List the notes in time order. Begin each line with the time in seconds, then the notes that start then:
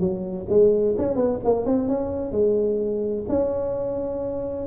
0.00 F#3
0.49 G#3
0.98 C#4
1.16 B3
1.45 A#3
1.66 C4
1.88 C#4
2.32 G#3
3.29 C#4